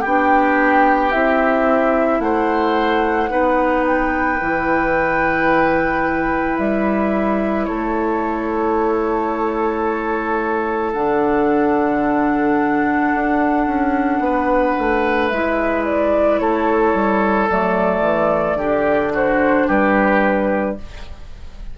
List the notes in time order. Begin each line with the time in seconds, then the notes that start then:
0.00 B3 D4 G4 G5
1.11 C4 E4 E5
2.20 A3 C5 F#5
3.29 B3 D#4 B4
3.86 G5
4.41 E3 E4
6.58 G3 E5
7.65 A3 A4 C#5
10.92 D3 D4 F#5
13.14 D4
13.67 C#4
14.19 B3 B4
14.78 A3
15.29 G#3 E4 E5
15.85 D5
16.39 A3 A4 C#5
16.94 G3
17.50 F#3 A3 D5
18.00 E3
18.54 D3 D4 G4
19.13 F#4 C5
19.67 G3 G4 B4